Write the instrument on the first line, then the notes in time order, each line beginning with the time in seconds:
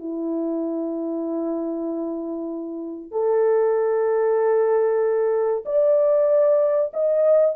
horn
0.00 E4
3.12 A4
5.66 D5
6.94 D#5